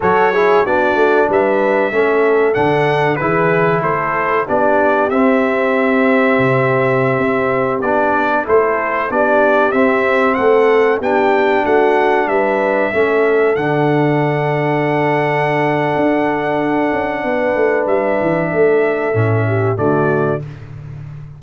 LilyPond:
<<
  \new Staff \with { instrumentName = "trumpet" } { \time 4/4 \tempo 4 = 94 cis''4 d''4 e''2 | fis''4 b'4 c''4 d''4 | e''1~ | e''16 d''4 c''4 d''4 e''8.~ |
e''16 fis''4 g''4 fis''4 e''8.~ | e''4~ e''16 fis''2~ fis''8.~ | fis''1 | e''2. d''4 | }
  \new Staff \with { instrumentName = "horn" } { \time 4/4 a'8 gis'8 fis'4 b'4 a'4~ | a'4 gis'4 a'4 g'4~ | g'1~ | g'4~ g'16 a'4 g'4.~ g'16~ |
g'16 a'4 g'4 fis'4 b'8.~ | b'16 a'2.~ a'8.~ | a'2. b'4~ | b'4 a'4. g'8 fis'4 | }
  \new Staff \with { instrumentName = "trombone" } { \time 4/4 fis'8 e'8 d'2 cis'4 | d'4 e'2 d'4 | c'1~ | c'16 d'4 e'4 d'4 c'8.~ |
c'4~ c'16 d'2~ d'8.~ | d'16 cis'4 d'2~ d'8.~ | d'1~ | d'2 cis'4 a4 | }
  \new Staff \with { instrumentName = "tuba" } { \time 4/4 fis4 b8 a8 g4 a4 | d4 e4 a4 b4 | c'2 c4~ c16 c'8.~ | c'16 b4 a4 b4 c'8.~ |
c'16 a4 b4 a4 g8.~ | g16 a4 d2~ d8.~ | d4 d'4. cis'8 b8 a8 | g8 e8 a4 a,4 d4 | }
>>